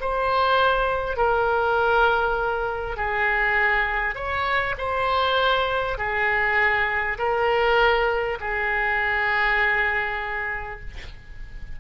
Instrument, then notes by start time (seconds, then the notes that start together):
oboe
0.00 C5
1.16 A#4
2.97 G#4
4.15 C#5
4.77 C5
5.98 G#4
7.18 A#4
8.40 G#4